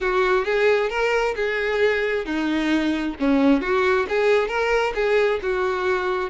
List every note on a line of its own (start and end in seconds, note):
0.00 0.44 F#4
0.44 0.89 G#4
0.89 1.34 A#4
1.35 2.25 G#4
2.25 3.15 D#4
3.19 3.61 C#4
3.61 4.06 F#4
4.08 4.48 G#4
4.48 4.93 A#4
4.95 5.40 G#4
5.42 6.30 F#4